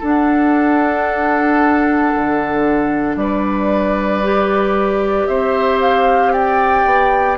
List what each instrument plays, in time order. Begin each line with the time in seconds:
0.00 bassoon D4, clarinet D4, oboe A4, flute F#5
2.15 bassoon D3
3.16 bassoon G3, oboe B4, flute D5
4.23 clarinet G4
5.27 bassoon C4, oboe C5, flute E5
5.81 flute F5
6.33 oboe D5, flute G5
6.85 bassoon B3